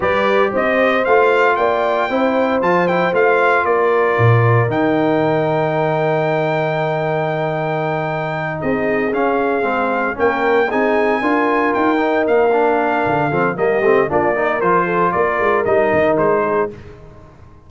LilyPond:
<<
  \new Staff \with { instrumentName = "trumpet" } { \time 4/4 \tempo 4 = 115 d''4 dis''4 f''4 g''4~ | g''4 a''8 g''8 f''4 d''4~ | d''4 g''2.~ | g''1~ |
g''8 dis''4 f''2 g''8~ | g''8 gis''2 g''4 f''8~ | f''2 dis''4 d''4 | c''4 d''4 dis''4 c''4 | }
  \new Staff \with { instrumentName = "horn" } { \time 4/4 b'4 c''2 d''4 | c''2. ais'4~ | ais'1~ | ais'1~ |
ais'8 gis'2. ais'8~ | ais'8 gis'4 ais'2~ ais'8~ | ais'4. a'8 g'4 f'8 ais'8~ | ais'8 a'8 ais'2~ ais'8 gis'8 | }
  \new Staff \with { instrumentName = "trombone" } { \time 4/4 g'2 f'2 | e'4 f'8 e'8 f'2~ | f'4 dis'2.~ | dis'1~ |
dis'4. cis'4 c'4 cis'8~ | cis'8 dis'4 f'4. dis'4 | d'4. c'8 ais8 c'8 d'8 dis'8 | f'2 dis'2 | }
  \new Staff \with { instrumentName = "tuba" } { \time 4/4 g4 c'4 a4 ais4 | c'4 f4 a4 ais4 | ais,4 dis2.~ | dis1~ |
dis8 c'4 cis'4 gis4 ais8~ | ais8 c'4 d'4 dis'4 ais8~ | ais4 d8 f8 g8 a8 ais4 | f4 ais8 gis8 g8 dis8 gis4 | }
>>